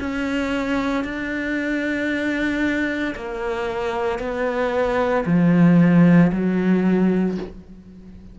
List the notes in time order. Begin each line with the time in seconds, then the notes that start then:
0.00 C#4
1.05 D4
3.16 A#3
4.20 B3
5.26 F3
6.33 F#3